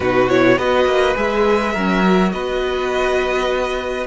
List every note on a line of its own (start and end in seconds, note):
0.00 0.58 B2
0.00 0.29 D#4
0.00 0.58 F#4
0.00 0.29 B4
0.29 0.58 E4
0.29 0.58 C#5
0.58 0.85 B3
0.58 1.14 F#4
0.58 1.72 B4
0.58 1.16 D#5
0.85 1.14 A#3
1.14 1.75 G#3
1.14 1.73 G#4
1.14 2.32 E5
1.72 2.33 F#3
1.72 2.03 C#4
1.72 2.30 A#4
2.03 4.07 F#4
2.32 4.07 B3
2.32 4.07 B4
2.32 4.06 D#5